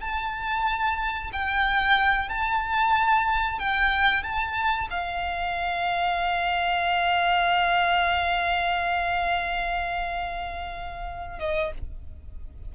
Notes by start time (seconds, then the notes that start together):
0.00 A5
1.32 G5
2.29 A5
3.59 G5
4.22 A5
4.90 F5
11.39 D#5